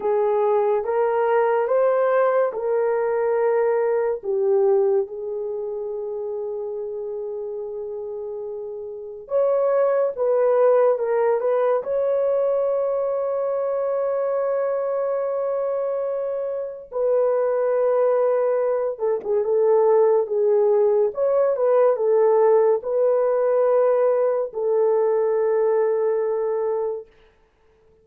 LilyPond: \new Staff \with { instrumentName = "horn" } { \time 4/4 \tempo 4 = 71 gis'4 ais'4 c''4 ais'4~ | ais'4 g'4 gis'2~ | gis'2. cis''4 | b'4 ais'8 b'8 cis''2~ |
cis''1 | b'2~ b'8 a'16 gis'16 a'4 | gis'4 cis''8 b'8 a'4 b'4~ | b'4 a'2. | }